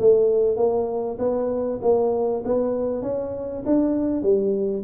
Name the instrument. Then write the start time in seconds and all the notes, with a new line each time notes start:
tuba
0.00 A3
0.57 A#3
1.19 B3
1.83 A#3
2.45 B3
3.03 C#4
3.66 D4
4.23 G3